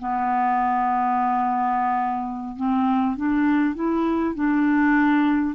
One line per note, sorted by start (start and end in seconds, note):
0.00 2.57 B3
2.57 3.17 C4
3.17 3.75 D4
3.75 4.35 E4
4.35 5.56 D4